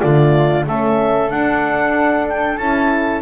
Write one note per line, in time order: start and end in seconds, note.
0.00 0.66 D3
0.00 0.67 A3
0.00 0.65 F4
0.00 0.65 D5
0.66 1.31 A3
0.66 1.31 C#4
0.66 3.22 A4
0.66 1.30 E5
1.30 2.60 D4
1.30 2.27 F#5
2.29 2.58 G5
2.58 3.22 C#4
2.58 3.22 E4
2.58 3.22 A5